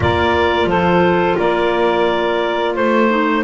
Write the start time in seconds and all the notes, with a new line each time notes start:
0.00 A#3 F4 A#4 D5
0.65 F3 A4 C5
1.37 A#3 A#4 D5
2.74 A3 C5
3.10 D#4